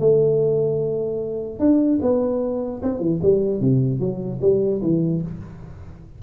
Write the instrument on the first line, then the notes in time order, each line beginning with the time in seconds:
tuba
0.00 A3
1.60 D4
2.02 B3
2.83 C4
3.00 E3
3.23 G3
3.60 C3
4.00 F#3
4.42 G3
4.82 E3